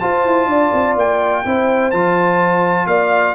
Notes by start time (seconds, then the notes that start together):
0.00 F4 C5 A5
0.25 E4
0.46 D4 D5
0.73 C4
0.96 A#3 G5
1.45 C4 E4 C5
1.91 F3 F4 A5
2.87 A#3 D5 F5